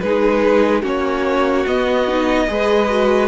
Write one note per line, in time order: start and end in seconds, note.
0.00 0.83 G#3
0.00 0.83 D#4
0.00 0.82 G#4
0.00 0.82 B4
0.82 1.66 A#3
0.82 1.65 C#4
0.82 2.47 F#4
0.82 1.67 C#5
1.67 2.49 B3
1.67 2.08 B3
1.67 3.28 D#5
2.08 2.48 D#4
2.48 3.28 G#3
2.48 2.89 G#4
2.48 3.28 B4
2.89 3.28 F#4